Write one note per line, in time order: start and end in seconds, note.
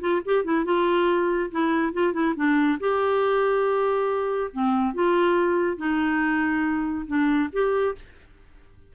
0.00 0.21 F4
0.25 0.44 G4
0.44 0.64 E4
0.64 1.50 F4
1.51 1.93 E4
1.93 2.13 F4
2.13 2.34 E4
2.36 2.78 D4
2.80 4.51 G4
4.52 4.94 C4
4.94 5.77 F4
5.77 7.05 D#4
7.07 7.50 D4
7.52 7.95 G4